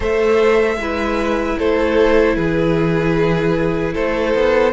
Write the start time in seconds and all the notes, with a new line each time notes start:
0.00 A3 A4 C5 E5
0.75 G#3 E4 B4
1.58 A3 A4 C5
2.35 E3 G#4 B4
3.93 A3 A4 C5
4.34 B3